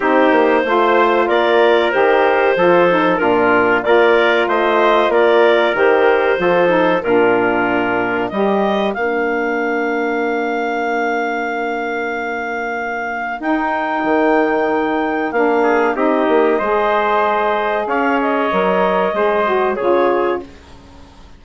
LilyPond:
<<
  \new Staff \with { instrumentName = "clarinet" } { \time 4/4 \tempo 4 = 94 c''2 d''4 c''4~ | c''4 ais'4 d''4 dis''4 | d''4 c''2 ais'4~ | ais'4 dis''4 f''2~ |
f''1~ | f''4 g''2. | f''4 dis''2. | f''8 dis''2~ dis''8 cis''4 | }
  \new Staff \with { instrumentName = "trumpet" } { \time 4/4 g'4 c''4 ais'2 | a'4 f'4 ais'4 c''4 | ais'2 a'4 f'4~ | f'4 ais'2.~ |
ais'1~ | ais'1~ | ais'8 gis'8 g'4 c''2 | cis''2 c''4 gis'4 | }
  \new Staff \with { instrumentName = "saxophone" } { \time 4/4 dis'4 f'2 g'4 | f'8 dis'8 d'4 f'2~ | f'4 g'4 f'8 dis'8 d'4~ | d'4 g'4 d'2~ |
d'1~ | d'4 dis'2. | d'4 dis'4 gis'2~ | gis'4 ais'4 gis'8 fis'8 f'4 | }
  \new Staff \with { instrumentName = "bassoon" } { \time 4/4 c'8 ais8 a4 ais4 dis4 | f4 ais,4 ais4 a4 | ais4 dis4 f4 ais,4~ | ais,4 g4 ais2~ |
ais1~ | ais4 dis'4 dis2 | ais4 c'8 ais8 gis2 | cis'4 fis4 gis4 cis4 | }
>>